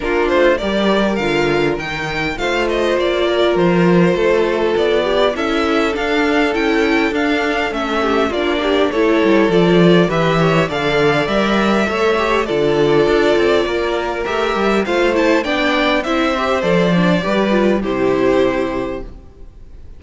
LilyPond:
<<
  \new Staff \with { instrumentName = "violin" } { \time 4/4 \tempo 4 = 101 ais'8 c''8 d''4 f''4 g''4 | f''8 dis''8 d''4 c''2 | d''4 e''4 f''4 g''4 | f''4 e''4 d''4 cis''4 |
d''4 e''4 f''4 e''4~ | e''4 d''2. | e''4 f''8 a''8 g''4 e''4 | d''2 c''2 | }
  \new Staff \with { instrumentName = "violin" } { \time 4/4 f'4 ais'2. | c''4. ais'4. a'4~ | a'8 g'8 a'2.~ | a'4. g'8 f'8 g'8 a'4~ |
a'4 b'8 cis''8 d''2 | cis''4 a'2 ais'4~ | ais'4 c''4 d''4 c''4~ | c''4 b'4 g'2 | }
  \new Staff \with { instrumentName = "viola" } { \time 4/4 d'4 g'4 f'4 dis'4 | f'1~ | f'4 e'4 d'4 e'4 | d'4 cis'4 d'4 e'4 |
f'4 g'4 a'4 ais'4 | a'8 g'8 f'2. | g'4 f'8 e'8 d'4 e'8 g'8 | a'8 d'8 g'8 f'8 e'2 | }
  \new Staff \with { instrumentName = "cello" } { \time 4/4 ais8 a8 g4 d4 dis4 | a4 ais4 f4 a4 | b4 cis'4 d'4 cis'4 | d'4 a4 ais4 a8 g8 |
f4 e4 d4 g4 | a4 d4 d'8 c'8 ais4 | a8 g8 a4 b4 c'4 | f4 g4 c2 | }
>>